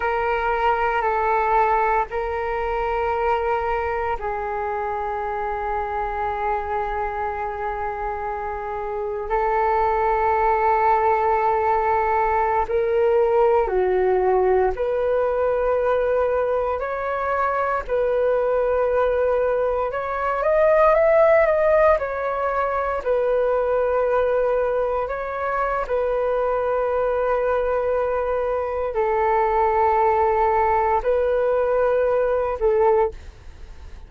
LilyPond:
\new Staff \with { instrumentName = "flute" } { \time 4/4 \tempo 4 = 58 ais'4 a'4 ais'2 | gis'1~ | gis'4 a'2.~ | a'16 ais'4 fis'4 b'4.~ b'16~ |
b'16 cis''4 b'2 cis''8 dis''16~ | dis''16 e''8 dis''8 cis''4 b'4.~ b'16~ | b'16 cis''8. b'2. | a'2 b'4. a'8 | }